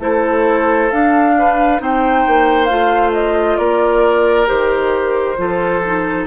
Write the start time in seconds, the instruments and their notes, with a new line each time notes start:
0.00 bassoon A3, clarinet E4, oboe A4, flute C5
0.91 clarinet D4, bassoon D4, flute F5
1.39 oboe B4
1.79 bassoon C4, clarinet D#4, oboe C5, flute G5
2.27 bassoon A#3
2.66 bassoon A3, clarinet F4, flute F5
3.13 flute D#5
3.57 bassoon A#3, oboe A#4, flute D5
4.47 bassoon D#3, clarinet G4, flute C5
5.37 bassoon F3, clarinet F4, oboe A4
5.86 clarinet D#4